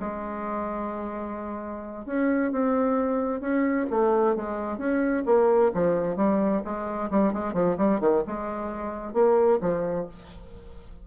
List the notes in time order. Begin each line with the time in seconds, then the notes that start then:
0.00 G#3
2.06 C#4
2.52 C4
3.41 C#4
3.91 A3
4.36 G#3
4.78 C#4
5.26 A#3
5.74 F3
6.17 G3
6.65 G#3
7.11 G3
7.33 G#3
7.54 F3
7.78 G3
8.01 D#3
8.27 G#3
9.14 A#3
9.61 F3